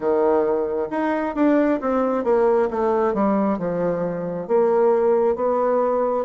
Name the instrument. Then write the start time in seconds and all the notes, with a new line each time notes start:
bassoon
0.00 D#3
0.90 D#4
1.35 D4
1.80 C4
2.24 A#3
2.70 A3
3.13 G3
3.58 F3
4.47 A#3
5.35 B3